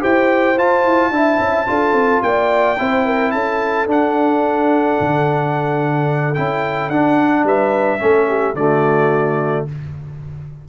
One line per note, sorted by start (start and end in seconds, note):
0.00 0.58 E4
0.00 0.55 G4
0.00 1.12 C5
0.00 0.59 G5
0.58 0.85 F4
0.58 1.13 F4
0.58 2.22 A5
0.85 1.11 E4
1.11 1.39 D4
1.11 1.67 E4
1.11 1.68 E5
1.39 1.67 C#4
1.67 1.93 D4
1.67 2.77 F4
1.67 2.24 A4
1.93 2.20 C4
2.22 2.78 A#3
2.22 2.80 D5
2.22 3.32 G5
2.79 3.33 C4
2.79 3.87 E4
2.79 3.05 C5
3.05 3.33 A#4
3.32 3.87 C#4
3.32 7.45 A4
3.32 3.87 A5
3.87 6.35 D4
3.87 4.97 D4
3.87 6.35 F#5
5.01 6.38 D3
6.35 6.90 C#4
6.35 6.91 E4
6.35 6.90 G5
6.90 7.44 D4
6.90 7.99 D4
6.90 7.45 F#5
7.44 7.99 G3
7.44 8.00 B4
7.44 8.56 E5
7.99 8.55 A3
7.99 8.54 C#4
7.99 8.29 A4
8.29 8.56 G4
8.55 9.65 D3
8.55 9.69 A3
8.55 9.67 F#4
8.55 9.66 D5